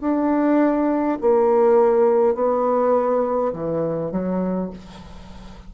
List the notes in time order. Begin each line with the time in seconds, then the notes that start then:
0.00 D4
1.21 A#3
2.34 B3
3.52 E3
4.11 F#3